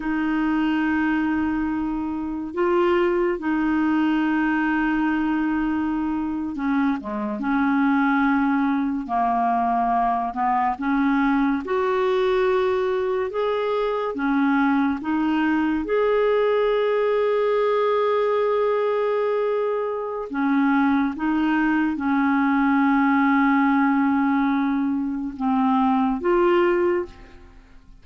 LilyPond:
\new Staff \with { instrumentName = "clarinet" } { \time 4/4 \tempo 4 = 71 dis'2. f'4 | dis'2.~ dis'8. cis'16~ | cis'16 gis8 cis'2 ais4~ ais16~ | ais16 b8 cis'4 fis'2 gis'16~ |
gis'8. cis'4 dis'4 gis'4~ gis'16~ | gis'1 | cis'4 dis'4 cis'2~ | cis'2 c'4 f'4 | }